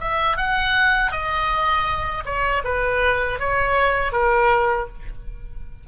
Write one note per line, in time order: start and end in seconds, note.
0.00 0.37 E5
0.37 1.11 F#5
1.11 2.24 D#5
2.25 2.62 C#5
2.64 3.39 B4
3.39 4.12 C#5
4.12 4.87 A#4